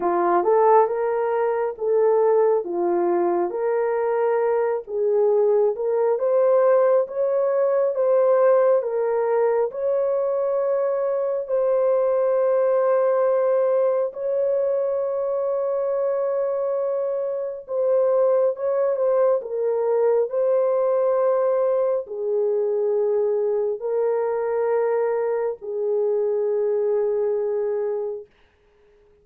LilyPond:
\new Staff \with { instrumentName = "horn" } { \time 4/4 \tempo 4 = 68 f'8 a'8 ais'4 a'4 f'4 | ais'4. gis'4 ais'8 c''4 | cis''4 c''4 ais'4 cis''4~ | cis''4 c''2. |
cis''1 | c''4 cis''8 c''8 ais'4 c''4~ | c''4 gis'2 ais'4~ | ais'4 gis'2. | }